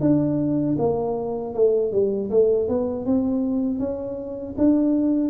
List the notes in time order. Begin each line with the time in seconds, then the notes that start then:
0.00 D4
0.78 A#3
1.54 A3
1.92 G3
2.30 A3
2.68 B3
3.05 C4
3.79 C#4
4.57 D4